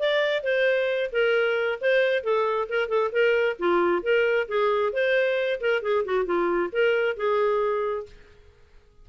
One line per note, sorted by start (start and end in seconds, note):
0.00 0.44 D5
0.44 1.11 C5
1.13 1.80 A#4
1.82 2.24 C5
2.24 2.69 A4
2.69 2.89 A#4
2.89 3.11 A4
3.13 3.57 A#4
3.60 4.03 F4
4.03 4.48 A#4
4.49 4.94 G#4
4.94 5.61 C5
5.61 5.83 A#4
5.83 6.05 G#4
6.06 6.26 F#4
6.26 6.71 F4
6.72 7.17 A#4
7.17 8.07 G#4